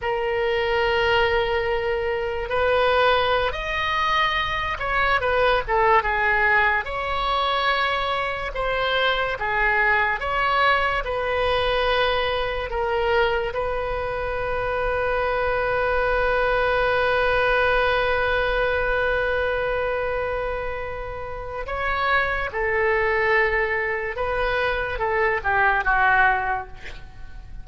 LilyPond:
\new Staff \with { instrumentName = "oboe" } { \time 4/4 \tempo 4 = 72 ais'2. b'4~ | b'16 dis''4. cis''8 b'8 a'8 gis'8.~ | gis'16 cis''2 c''4 gis'8.~ | gis'16 cis''4 b'2 ais'8.~ |
ais'16 b'2.~ b'8.~ | b'1~ | b'2 cis''4 a'4~ | a'4 b'4 a'8 g'8 fis'4 | }